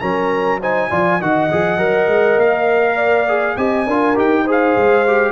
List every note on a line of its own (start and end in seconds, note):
0.00 0.91 F#3
0.00 0.61 C#4
0.00 0.60 A#4
0.00 0.59 A#5
0.60 0.90 D#4
0.60 0.90 C5
0.60 1.22 G#5
0.90 1.21 F3
0.90 1.20 F4
0.90 1.20 D5
1.20 1.51 D#3
1.20 1.50 F#4
1.20 2.96 D#5
1.20 2.40 F#5
1.51 1.78 F3
1.51 1.78 G#4
1.78 2.08 F#3
1.78 3.27 A#4
2.08 2.37 G#3
2.37 3.56 A#3
2.37 3.57 F5
2.96 3.55 D5
3.29 3.57 G#4
3.57 3.87 C4
3.57 3.86 G4
3.57 3.88 D#5
3.57 4.17 G#5
3.87 4.17 D4
3.87 4.16 F4
3.87 4.43 A#4
4.16 4.76 D#4
4.16 4.45 G4
4.16 4.48 G5
4.43 5.06 G#4
4.43 5.32 C5
4.51 5.32 F5
4.77 5.32 G#3
5.07 5.32 G4